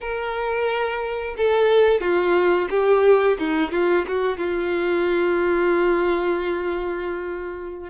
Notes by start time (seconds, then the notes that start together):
0.00 A#4
1.37 A4
2.00 F4
2.70 G4
3.39 D#4
3.71 F4
4.07 F#4
4.37 F4